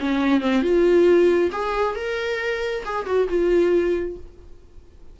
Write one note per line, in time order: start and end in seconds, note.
0.00 0.41 C#4
0.41 0.63 C4
0.63 1.51 F4
1.52 1.96 G#4
1.96 2.84 A#4
2.85 3.06 G#4
3.06 3.28 F#4
3.29 4.17 F4